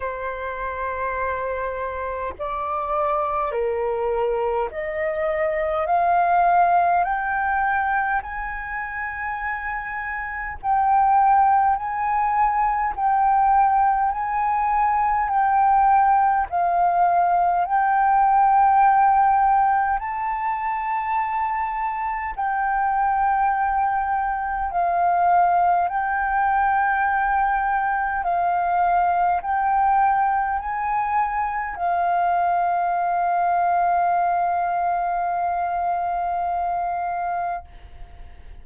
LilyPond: \new Staff \with { instrumentName = "flute" } { \time 4/4 \tempo 4 = 51 c''2 d''4 ais'4 | dis''4 f''4 g''4 gis''4~ | gis''4 g''4 gis''4 g''4 | gis''4 g''4 f''4 g''4~ |
g''4 a''2 g''4~ | g''4 f''4 g''2 | f''4 g''4 gis''4 f''4~ | f''1 | }